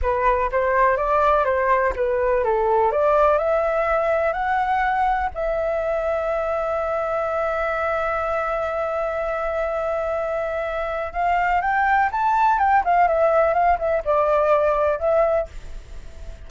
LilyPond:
\new Staff \with { instrumentName = "flute" } { \time 4/4 \tempo 4 = 124 b'4 c''4 d''4 c''4 | b'4 a'4 d''4 e''4~ | e''4 fis''2 e''4~ | e''1~ |
e''1~ | e''2. f''4 | g''4 a''4 g''8 f''8 e''4 | f''8 e''8 d''2 e''4 | }